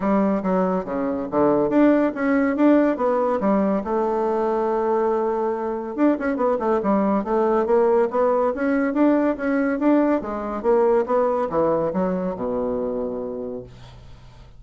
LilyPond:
\new Staff \with { instrumentName = "bassoon" } { \time 4/4 \tempo 4 = 141 g4 fis4 cis4 d4 | d'4 cis'4 d'4 b4 | g4 a2.~ | a2 d'8 cis'8 b8 a8 |
g4 a4 ais4 b4 | cis'4 d'4 cis'4 d'4 | gis4 ais4 b4 e4 | fis4 b,2. | }